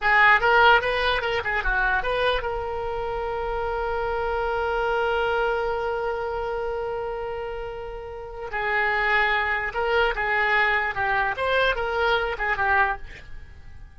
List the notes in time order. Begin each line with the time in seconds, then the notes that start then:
0.01 G#4
0.40 A#4
0.81 B4
1.21 A#4
1.44 G#4
1.63 F#4
2.02 B4
2.42 A#4
8.51 G#4
9.74 A#4
10.15 G#4
10.94 G4
11.36 C5
11.75 A#4
12.37 G#4
12.56 G4